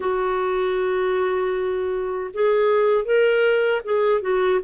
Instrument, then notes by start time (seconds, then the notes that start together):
clarinet
0.00 F#4
2.33 G#4
3.04 A#4
3.84 G#4
4.21 F#4